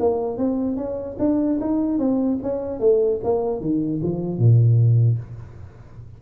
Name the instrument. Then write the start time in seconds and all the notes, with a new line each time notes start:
tuba
0.00 A#3
0.38 C4
0.77 C#4
1.19 D4
1.61 D#4
1.99 C4
2.43 C#4
2.80 A3
3.24 A#3
3.61 D#3
4.03 F3
4.38 A#2